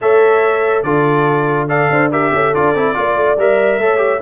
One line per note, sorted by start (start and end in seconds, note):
0.01 0.83 A3
0.01 0.84 A4
0.01 0.83 C#5
0.01 0.82 E5
0.82 1.88 D3
0.82 1.68 F4
0.82 1.67 A4
0.82 1.67 D5
1.67 2.11 A4
1.67 1.89 D5
1.67 2.11 F5
1.89 2.32 D4
1.89 2.11 C5
2.11 2.54 G4
2.11 2.32 A#4
2.11 2.54 E5
2.33 2.54 C#4
2.33 2.96 A4
2.54 2.74 D4
2.54 2.75 F4
2.54 3.39 D5
2.74 2.95 C4
2.74 2.94 E4
2.94 3.16 A#3
2.94 3.36 F4
2.94 3.81 D5
3.16 3.37 A3
3.37 3.78 G3
3.37 3.81 A#4
3.37 4.21 E5
3.78 4.20 A3
3.78 3.97 A4
3.78 4.21 C#5
3.97 4.18 G4